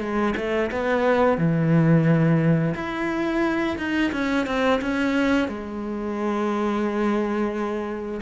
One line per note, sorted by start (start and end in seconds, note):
0.00 0.34 G#3
0.36 0.70 A3
0.71 1.38 B3
1.38 2.74 E3
2.74 3.77 E4
3.77 4.12 D#4
4.12 4.46 C#4
4.46 4.80 C4
4.81 5.48 C#4
5.48 8.20 G#3